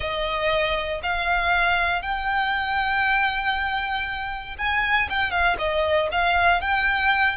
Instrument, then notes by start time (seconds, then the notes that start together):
violin
0.00 D#5
1.02 F5
2.02 G5
4.58 G#5
5.09 G5
5.30 F5
5.58 D#5
6.11 F5
6.61 G5